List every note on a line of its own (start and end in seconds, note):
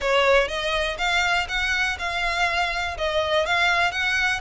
0.00 0.48 C#5
0.48 0.97 D#5
0.98 1.47 F5
1.48 1.97 F#5
1.98 2.97 F5
2.97 3.46 D#5
3.46 3.91 F5
3.91 4.40 F#5